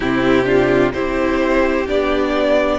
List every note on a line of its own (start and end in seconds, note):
0.00 0.93 C3
0.00 0.45 C4
0.00 0.46 E4
0.00 0.92 G4
0.45 0.91 D4
0.45 0.93 F4
0.92 1.88 C4
0.92 1.87 E4
0.92 2.78 G4
0.92 1.86 C5
1.87 2.78 B3
1.87 2.78 D4
1.87 2.78 D5